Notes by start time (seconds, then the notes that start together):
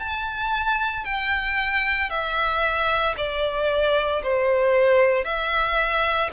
0.00 A5
1.05 G5
2.10 E5
3.17 D5
4.23 C5
5.25 E5